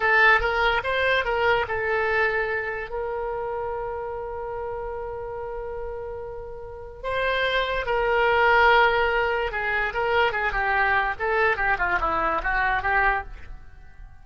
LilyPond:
\new Staff \with { instrumentName = "oboe" } { \time 4/4 \tempo 4 = 145 a'4 ais'4 c''4 ais'4 | a'2. ais'4~ | ais'1~ | ais'1~ |
ais'4 c''2 ais'4~ | ais'2. gis'4 | ais'4 gis'8 g'4. a'4 | g'8 f'8 e'4 fis'4 g'4 | }